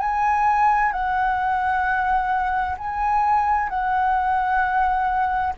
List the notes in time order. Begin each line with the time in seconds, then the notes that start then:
0.00 G#5
0.92 F#5
2.79 G#5
3.70 F#5